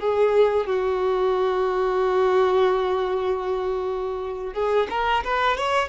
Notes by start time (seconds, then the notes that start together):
0.00 G#4
0.66 F#4
4.54 G#4
4.90 A#4
5.24 B4
5.57 C#5